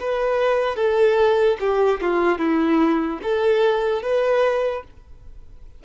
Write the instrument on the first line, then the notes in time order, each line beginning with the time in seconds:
violin
0.00 B4
0.76 A4
1.60 G4
2.01 F4
2.38 E4
3.23 A4
4.02 B4